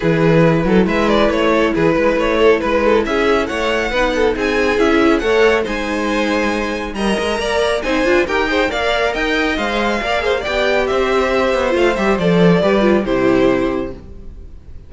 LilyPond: <<
  \new Staff \with { instrumentName = "violin" } { \time 4/4 \tempo 4 = 138 b'2 e''8 d''8 cis''4 | b'4 cis''4 b'4 e''4 | fis''2 gis''4 e''4 | fis''4 gis''2. |
ais''2 gis''4 g''4 | f''4 g''4 f''2 | g''4 e''2 f''8 e''8 | d''2 c''2 | }
  \new Staff \with { instrumentName = "violin" } { \time 4/4 gis'4. a'8 b'4. a'8 | gis'8 b'4 a'8 b'8 a'8 gis'4 | cis''4 b'8 a'8 gis'2 | cis''4 c''2. |
dis''4 d''4 c''4 ais'8 c''8 | d''4 dis''2 d''8 c''8 | d''4 c''2.~ | c''4 b'4 g'2 | }
  \new Staff \with { instrumentName = "viola" } { \time 4/4 e'1~ | e'1~ | e'4 dis'2 e'4 | a'4 dis'2. |
ais'2 dis'8 f'8 g'8 gis'8 | ais'2 c''4 ais'8 gis'8 | g'2. f'8 g'8 | a'4 g'8 f'8 e'2 | }
  \new Staff \with { instrumentName = "cello" } { \time 4/4 e4. fis8 gis4 a4 | e8 gis8 a4 gis4 cis'4 | a4 b4 c'4 cis'4 | a4 gis2. |
g8 gis8 ais4 c'8 d'8 dis'4 | ais4 dis'4 gis4 ais4 | b4 c'4. b8 a8 g8 | f4 g4 c2 | }
>>